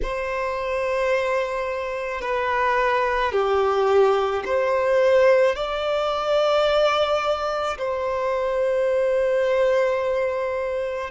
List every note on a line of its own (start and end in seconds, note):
0.02 2.21 C5
2.21 3.32 B4
3.32 4.43 G4
4.45 5.55 C5
5.55 7.77 D5
7.78 11.10 C5